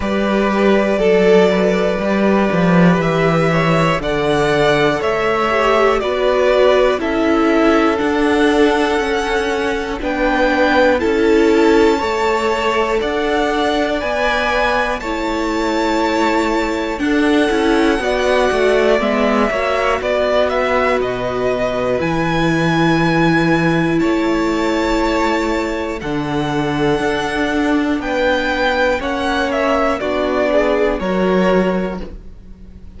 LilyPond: <<
  \new Staff \with { instrumentName = "violin" } { \time 4/4 \tempo 4 = 60 d''2. e''4 | fis''4 e''4 d''4 e''4 | fis''2 g''4 a''4~ | a''4 fis''4 gis''4 a''4~ |
a''4 fis''2 e''4 | d''8 e''8 dis''4 gis''2 | a''2 fis''2 | g''4 fis''8 e''8 d''4 cis''4 | }
  \new Staff \with { instrumentName = "violin" } { \time 4/4 b'4 a'8 b'2 cis''8 | d''4 cis''4 b'4 a'4~ | a'2 b'4 a'4 | cis''4 d''2 cis''4~ |
cis''4 a'4 d''4. cis''8 | b'1 | cis''2 a'2 | b'4 cis''4 fis'8 gis'8 ais'4 | }
  \new Staff \with { instrumentName = "viola" } { \time 4/4 g'4 a'4 g'2 | a'4. g'8 fis'4 e'4 | d'4 cis'4 d'4 e'4 | a'2 b'4 e'4~ |
e'4 d'8 e'8 fis'4 b8 fis'8~ | fis'2 e'2~ | e'2 d'2~ | d'4 cis'4 d'4 fis'4 | }
  \new Staff \with { instrumentName = "cello" } { \time 4/4 g4 fis4 g8 f8 e4 | d4 a4 b4 cis'4 | d'4 cis'4 b4 cis'4 | a4 d'4 b4 a4~ |
a4 d'8 cis'8 b8 a8 gis8 ais8 | b4 b,4 e2 | a2 d4 d'4 | b4 ais4 b4 fis4 | }
>>